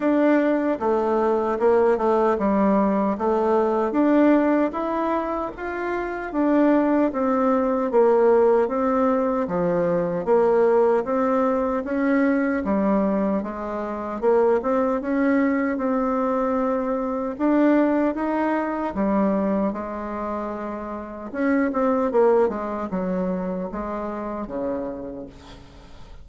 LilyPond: \new Staff \with { instrumentName = "bassoon" } { \time 4/4 \tempo 4 = 76 d'4 a4 ais8 a8 g4 | a4 d'4 e'4 f'4 | d'4 c'4 ais4 c'4 | f4 ais4 c'4 cis'4 |
g4 gis4 ais8 c'8 cis'4 | c'2 d'4 dis'4 | g4 gis2 cis'8 c'8 | ais8 gis8 fis4 gis4 cis4 | }